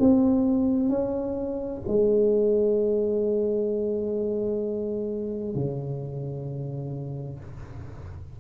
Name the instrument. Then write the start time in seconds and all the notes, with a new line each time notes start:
tuba
0.00 C4
0.89 C#4
1.88 G#3
5.55 C#3